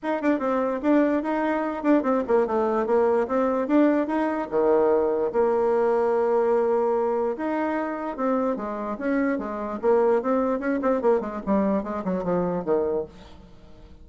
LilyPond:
\new Staff \with { instrumentName = "bassoon" } { \time 4/4 \tempo 4 = 147 dis'8 d'8 c'4 d'4 dis'4~ | dis'8 d'8 c'8 ais8 a4 ais4 | c'4 d'4 dis'4 dis4~ | dis4 ais2.~ |
ais2 dis'2 | c'4 gis4 cis'4 gis4 | ais4 c'4 cis'8 c'8 ais8 gis8 | g4 gis8 fis8 f4 dis4 | }